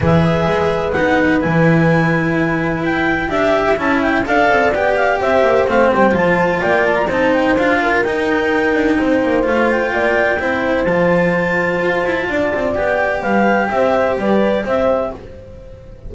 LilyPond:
<<
  \new Staff \with { instrumentName = "clarinet" } { \time 4/4 \tempo 4 = 127 e''2 fis''4 gis''4~ | gis''2 g''4 e''4 | a''8 g''8 f''4 g''8 f''8 e''4 | f''8 g''8 a''4 g''8 a''16 ais''16 a''8 g''8 |
f''4 g''2. | f''8 g''2~ g''8 a''4~ | a''2. g''4 | f''4 e''4 d''4 e''4 | }
  \new Staff \with { instrumentName = "horn" } { \time 4/4 b'1~ | b'2. e''4~ | e''4 d''2 c''4~ | c''2 d''4 c''4~ |
c''8 ais'2~ ais'8 c''4~ | c''4 d''4 c''2~ | c''2 d''2 | b'4 c''4 b'4 c''4 | }
  \new Staff \with { instrumentName = "cello" } { \time 4/4 gis'2 dis'4 e'4~ | e'2. g'4 | e'4 a'4 g'2 | c'4 f'2 dis'4 |
f'4 dis'2. | f'2 e'4 f'4~ | f'2. g'4~ | g'1 | }
  \new Staff \with { instrumentName = "double bass" } { \time 4/4 e4 gis4 b4 e4~ | e2 e'4 d'8. e'16 | cis'4 d'8 c'8 b4 c'8 ais8 | a8 g8 f4 ais4 c'4 |
d'4 dis'4. d'8 c'8 ais8 | a4 ais4 c'4 f4~ | f4 f'8 e'8 d'8 c'8 b4 | g4 c'4 g4 c'4 | }
>>